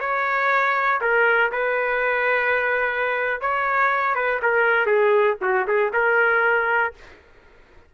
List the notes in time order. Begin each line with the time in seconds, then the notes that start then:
0.00 C#5
1.01 A#4
1.52 B4
3.41 C#5
4.15 B4
4.43 A#4
4.87 G#4
5.42 F#4
5.68 G#4
5.94 A#4